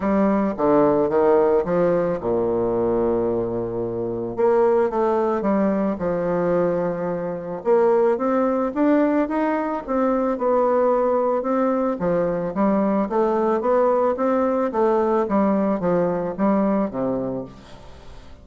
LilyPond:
\new Staff \with { instrumentName = "bassoon" } { \time 4/4 \tempo 4 = 110 g4 d4 dis4 f4 | ais,1 | ais4 a4 g4 f4~ | f2 ais4 c'4 |
d'4 dis'4 c'4 b4~ | b4 c'4 f4 g4 | a4 b4 c'4 a4 | g4 f4 g4 c4 | }